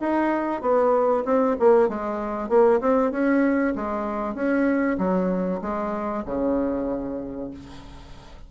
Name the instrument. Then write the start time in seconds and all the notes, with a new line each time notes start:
bassoon
0.00 D#4
0.61 B3
1.25 C4
1.59 A#3
1.88 G#3
2.49 A#3
2.80 C4
3.11 C#4
3.75 G#3
4.34 C#4
4.98 F#3
5.61 G#3
6.25 C#3